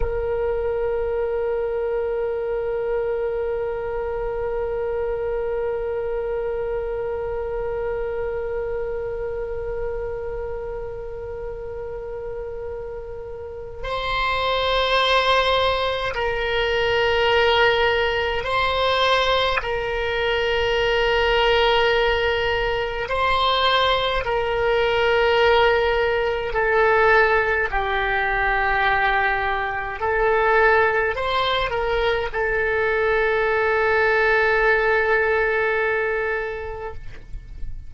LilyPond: \new Staff \with { instrumentName = "oboe" } { \time 4/4 \tempo 4 = 52 ais'1~ | ais'1~ | ais'1 | c''2 ais'2 |
c''4 ais'2. | c''4 ais'2 a'4 | g'2 a'4 c''8 ais'8 | a'1 | }